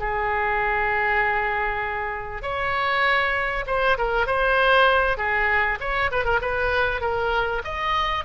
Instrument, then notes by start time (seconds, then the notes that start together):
oboe
0.00 G#4
2.43 C#5
3.67 C5
3.98 A#4
4.27 C5
5.18 G#4
5.81 C#5
6.12 B4
6.25 A#4
6.42 B4
7.02 A#4
7.64 D#5